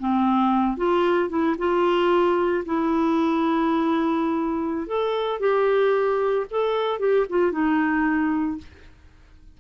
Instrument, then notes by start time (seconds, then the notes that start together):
clarinet
0.00 C4
0.77 F4
1.30 E4
1.58 F4
2.66 E4
4.87 A4
5.40 G4
6.51 A4
7.00 G4
7.29 F4
7.52 D#4